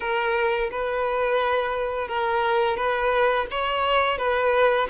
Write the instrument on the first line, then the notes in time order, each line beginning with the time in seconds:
violin
0.00 A#4
0.71 B4
2.08 A#4
2.76 B4
3.50 C#5
4.18 B4